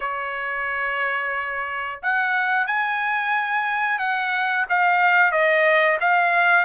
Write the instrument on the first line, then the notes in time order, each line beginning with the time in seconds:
trumpet
0.00 C#5
2.02 F#5
2.66 G#5
3.98 F#5
4.68 F5
5.31 D#5
6.00 F5